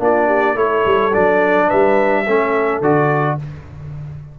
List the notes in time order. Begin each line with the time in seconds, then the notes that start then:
0.00 A#3 D4 F4 D5
0.28 G4
0.56 A3 E4 A4 C#5
0.86 G3
1.14 F#3 D4 D5
1.67 G3 B4 E5
2.26 A3 C#4 A4
2.81 D3 F#4 D5